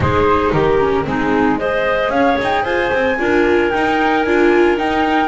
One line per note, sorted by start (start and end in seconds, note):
0.00 0.51 G#3
0.00 0.79 D#4
0.00 0.52 G#4
0.00 0.51 C5
0.51 1.05 D#3
0.51 1.05 G4
0.51 1.04 A#4
0.79 1.04 C#4
1.04 2.09 G#3
1.04 1.57 C4
1.04 1.58 D#4
1.04 1.58 G#4
1.58 3.18 G#4
1.58 2.11 C5
1.58 2.10 D#5
2.09 2.36 C#4
2.09 2.63 C#5
2.09 2.37 F5
2.41 2.64 D#4
2.41 2.64 G5
2.63 2.91 F4
2.63 3.16 C5
2.63 3.70 G#5
2.92 3.18 C4
3.18 3.72 D4
3.18 3.71 F4
3.18 5.28 A#4
3.70 4.25 D#4
3.70 4.26 D#4
3.70 4.22 G5
4.22 4.78 D4
4.22 4.77 F4
4.22 4.76 G#5
4.77 5.28 D#4
4.77 5.28 G5